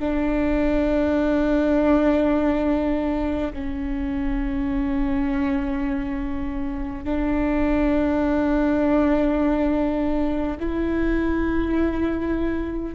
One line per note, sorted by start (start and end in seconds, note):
0.00 3.53 D4
3.53 7.05 C#4
7.05 10.58 D4
10.60 12.95 E4